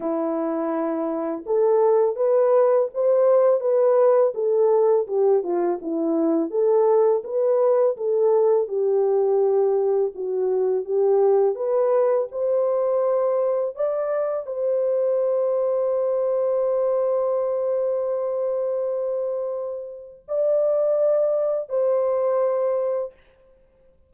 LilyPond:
\new Staff \with { instrumentName = "horn" } { \time 4/4 \tempo 4 = 83 e'2 a'4 b'4 | c''4 b'4 a'4 g'8 f'8 | e'4 a'4 b'4 a'4 | g'2 fis'4 g'4 |
b'4 c''2 d''4 | c''1~ | c''1 | d''2 c''2 | }